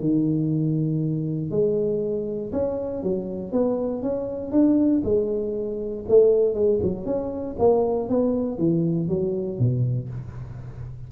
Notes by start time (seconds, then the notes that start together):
0.00 D#3
1.51 G#3
2.53 C#4
3.03 F#3
3.52 B3
4.02 C#4
4.51 D4
5.04 G#3
6.08 A3
6.54 G#3
6.83 F#3
7.06 C#4
7.59 A#3
8.09 B3
8.58 E3
9.08 F#3
9.59 B2